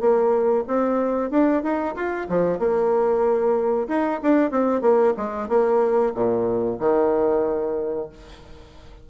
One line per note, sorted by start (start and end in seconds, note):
0.00 0.65 A#3
0.67 1.30 C4
1.30 1.62 D4
1.62 1.95 D#4
1.95 2.27 F4
2.29 2.59 F3
2.59 3.88 A#3
3.88 4.20 D#4
4.22 4.51 D4
4.51 4.81 C4
4.81 5.13 A#3
5.17 5.48 G#3
5.48 6.13 A#3
6.14 6.79 A#2
6.80 8.09 D#3